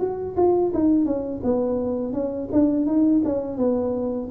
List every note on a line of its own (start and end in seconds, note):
0.00 0.36 F#4
0.37 0.72 F4
0.74 1.06 D#4
1.06 1.42 C#4
1.44 2.14 B3
2.14 2.49 C#4
2.53 2.87 D4
2.87 3.22 D#4
3.25 3.58 C#4
3.58 4.30 B3